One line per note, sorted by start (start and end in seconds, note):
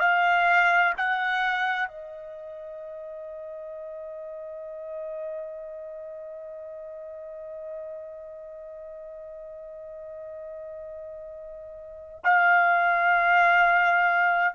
0.00 0.94 F5
0.98 1.88 F#5
1.88 12.20 D#5
12.24 14.55 F5